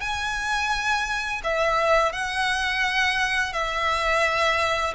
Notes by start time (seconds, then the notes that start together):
0.00 G#5
1.43 E5
2.12 F#5
3.53 E5